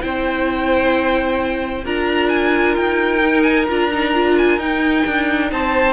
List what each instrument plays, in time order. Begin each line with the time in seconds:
0.00 cello C4, viola E4, violin C5 G5
1.84 cello D4, viola F4, violin A#4 A#5
2.29 violin G#5
2.75 cello D#4, violin G5
3.20 viola D#4
3.42 violin G#5
3.66 cello D4, viola F4, violin A#5
3.93 viola D#4
4.14 viola F4
4.37 violin G#5
4.57 cello D#4, viola D#4, violin G5
5.06 cello D4
5.51 cello C4, violin C5 A5